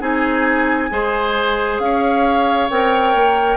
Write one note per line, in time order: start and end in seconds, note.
0.00 0.90 C4
0.00 0.90 D#4
0.00 0.90 G#4
0.00 1.80 G#5
0.90 1.79 G#3
0.90 2.69 G#4
0.90 1.82 C5
1.79 2.69 C#4
1.79 3.57 C#5
1.79 2.69 F5
2.70 3.14 C4
2.70 3.57 A#4
2.70 3.57 G5
3.14 3.57 A#3